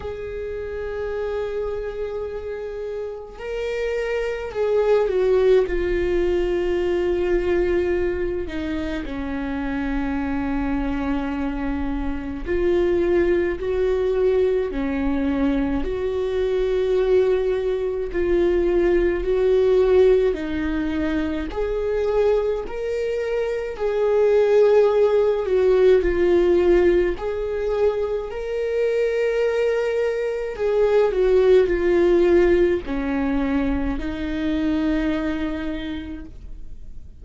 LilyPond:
\new Staff \with { instrumentName = "viola" } { \time 4/4 \tempo 4 = 53 gis'2. ais'4 | gis'8 fis'8 f'2~ f'8 dis'8 | cis'2. f'4 | fis'4 cis'4 fis'2 |
f'4 fis'4 dis'4 gis'4 | ais'4 gis'4. fis'8 f'4 | gis'4 ais'2 gis'8 fis'8 | f'4 cis'4 dis'2 | }